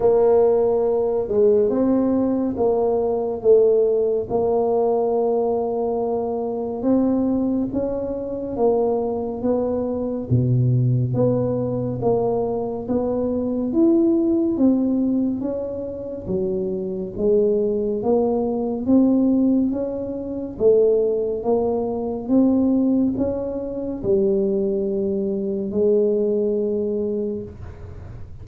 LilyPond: \new Staff \with { instrumentName = "tuba" } { \time 4/4 \tempo 4 = 70 ais4. gis8 c'4 ais4 | a4 ais2. | c'4 cis'4 ais4 b4 | b,4 b4 ais4 b4 |
e'4 c'4 cis'4 fis4 | gis4 ais4 c'4 cis'4 | a4 ais4 c'4 cis'4 | g2 gis2 | }